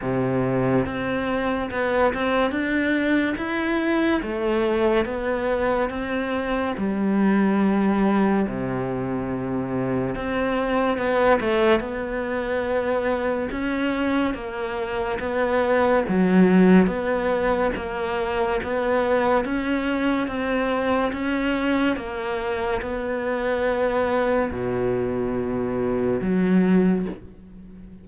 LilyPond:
\new Staff \with { instrumentName = "cello" } { \time 4/4 \tempo 4 = 71 c4 c'4 b8 c'8 d'4 | e'4 a4 b4 c'4 | g2 c2 | c'4 b8 a8 b2 |
cis'4 ais4 b4 fis4 | b4 ais4 b4 cis'4 | c'4 cis'4 ais4 b4~ | b4 b,2 fis4 | }